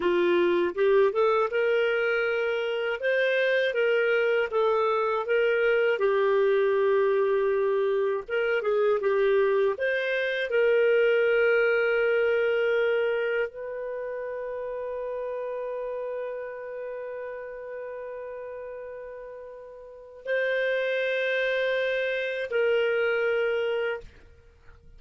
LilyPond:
\new Staff \with { instrumentName = "clarinet" } { \time 4/4 \tempo 4 = 80 f'4 g'8 a'8 ais'2 | c''4 ais'4 a'4 ais'4 | g'2. ais'8 gis'8 | g'4 c''4 ais'2~ |
ais'2 b'2~ | b'1~ | b'2. c''4~ | c''2 ais'2 | }